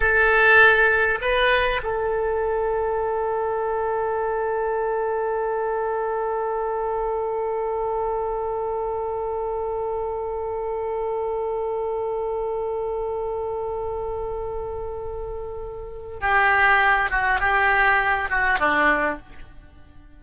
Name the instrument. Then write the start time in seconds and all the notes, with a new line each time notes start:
oboe
0.00 A4
1.21 B4
1.83 A4
16.20 G4
17.10 F#4
17.39 G4
18.29 F#4
18.59 D4